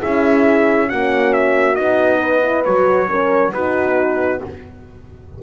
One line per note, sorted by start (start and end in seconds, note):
0.00 0.92 C#4
0.00 0.89 E4
0.00 0.88 G#4
0.00 0.89 E5
0.89 1.78 A#3
0.89 1.75 C#4
0.89 2.20 F#4
0.89 1.33 F#5
1.33 1.75 E5
1.75 2.66 B3
1.75 2.41 D#4
1.75 2.63 D#5
2.20 3.08 B4
2.42 2.64 E4
2.65 3.52 F#3
2.65 3.08 F#4
2.65 3.53 C#5
3.08 3.52 C#4
3.08 3.53 A#4
3.52 4.41 B3
3.52 4.41 D#4
3.52 4.42 F#4
3.52 4.42 B4